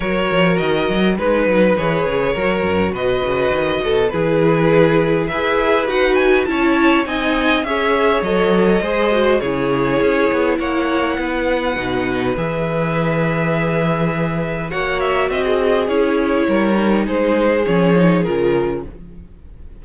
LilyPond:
<<
  \new Staff \with { instrumentName = "violin" } { \time 4/4 \tempo 4 = 102 cis''4 dis''4 b'4 cis''4~ | cis''4 dis''2 b'4~ | b'4 e''4 fis''8 gis''8 a''4 | gis''4 e''4 dis''2 |
cis''2 fis''2~ | fis''4 e''2.~ | e''4 fis''8 e''8 dis''4 cis''4~ | cis''4 c''4 cis''4 ais'4 | }
  \new Staff \with { instrumentName = "violin" } { \time 4/4 ais'2 b'2 | ais'4 b'4. a'8 gis'4~ | gis'4 b'2 cis''4 | dis''4 cis''2 c''4 |
gis'2 cis''4 b'4~ | b'1~ | b'4 cis''4 e''16 gis'4.~ gis'16 | ais'4 gis'2. | }
  \new Staff \with { instrumentName = "viola" } { \time 4/4 fis'2 dis'4 gis'4 | fis'2. e'4~ | e'4 gis'4 fis'4 e'4 | dis'4 gis'4 a'4 gis'8 fis'8 |
e'1 | dis'4 gis'2.~ | gis'4 fis'2 e'4~ | e'8 dis'4. cis'8 dis'8 f'4 | }
  \new Staff \with { instrumentName = "cello" } { \time 4/4 fis8 f8 dis8 fis8 gis8 fis8 e8 cis8 | fis8 fis,8 b,8 cis8 dis8 b,8 e4~ | e4 e'4 dis'4 cis'4 | c'4 cis'4 fis4 gis4 |
cis4 cis'8 b8 ais4 b4 | b,4 e2.~ | e4 ais4 c'4 cis'4 | g4 gis4 f4 cis4 | }
>>